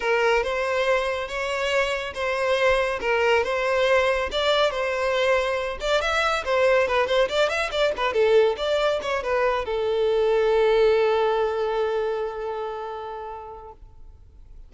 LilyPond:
\new Staff \with { instrumentName = "violin" } { \time 4/4 \tempo 4 = 140 ais'4 c''2 cis''4~ | cis''4 c''2 ais'4 | c''2 d''4 c''4~ | c''4. d''8 e''4 c''4 |
b'8 c''8 d''8 e''8 d''8 b'8 a'4 | d''4 cis''8 b'4 a'4.~ | a'1~ | a'1 | }